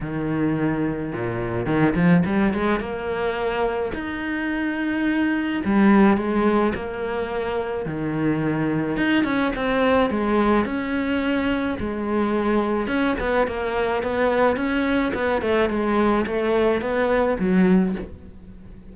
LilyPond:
\new Staff \with { instrumentName = "cello" } { \time 4/4 \tempo 4 = 107 dis2 ais,4 dis8 f8 | g8 gis8 ais2 dis'4~ | dis'2 g4 gis4 | ais2 dis2 |
dis'8 cis'8 c'4 gis4 cis'4~ | cis'4 gis2 cis'8 b8 | ais4 b4 cis'4 b8 a8 | gis4 a4 b4 fis4 | }